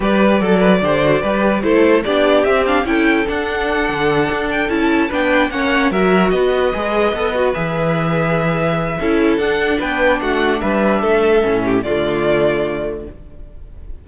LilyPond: <<
  \new Staff \with { instrumentName = "violin" } { \time 4/4 \tempo 4 = 147 d''1 | c''4 d''4 e''8 f''8 g''4 | fis''2. g''8 a''8~ | a''8 g''4 fis''4 e''4 dis''8~ |
dis''2~ dis''8 e''4.~ | e''2. fis''4 | g''4 fis''4 e''2~ | e''4 d''2. | }
  \new Staff \with { instrumentName = "violin" } { \time 4/4 b'4 a'8 b'8 c''4 b'4 | a'4 g'2 a'4~ | a'1~ | a'8 b'4 cis''4 ais'4 b'8~ |
b'1~ | b'2 a'2 | b'4 fis'4 b'4 a'4~ | a'8 g'8 f'2. | }
  \new Staff \with { instrumentName = "viola" } { \time 4/4 g'4 a'4 g'8 fis'8 g'4 | e'4 d'4 c'8 d'8 e'4 | d'2.~ d'8 e'8~ | e'8 d'4 cis'4 fis'4.~ |
fis'8 gis'4 a'8 fis'8 gis'4.~ | gis'2 e'4 d'4~ | d'1 | cis'4 a2. | }
  \new Staff \with { instrumentName = "cello" } { \time 4/4 g4 fis4 d4 g4 | a4 b4 c'4 cis'4 | d'4. d4 d'4 cis'8~ | cis'8 b4 ais4 fis4 b8~ |
b8 gis4 b4 e4.~ | e2 cis'4 d'4 | b4 a4 g4 a4 | a,4 d2. | }
>>